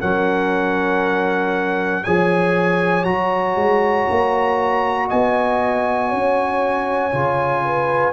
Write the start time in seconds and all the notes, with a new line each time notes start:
0.00 F#3 C#4 A#4 F#5
2.03 F3 G#4 C#5 G#5
3.04 F#3 F#4 A#5
3.56 G#3
4.09 A#3
5.07 B3 D#5 G#5
6.09 C#4 C#5
7.11 C#3 F4
7.64 B4